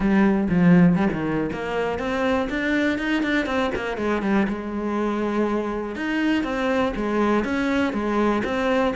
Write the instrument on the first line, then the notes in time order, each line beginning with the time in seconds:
cello
0.00 G3
0.49 F3
0.96 G3
1.13 D#3
1.53 A#3
1.98 C4
2.49 D4
2.98 D#4
3.22 D4
3.46 C4
3.75 A#3
3.97 G#3
4.22 G3
4.48 G#3
5.95 D#4
6.43 C4
6.96 G#3
7.44 C#4
7.93 G#3
8.44 C4